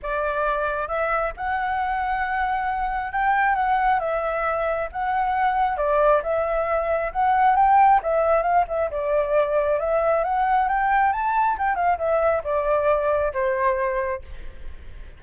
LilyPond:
\new Staff \with { instrumentName = "flute" } { \time 4/4 \tempo 4 = 135 d''2 e''4 fis''4~ | fis''2. g''4 | fis''4 e''2 fis''4~ | fis''4 d''4 e''2 |
fis''4 g''4 e''4 f''8 e''8 | d''2 e''4 fis''4 | g''4 a''4 g''8 f''8 e''4 | d''2 c''2 | }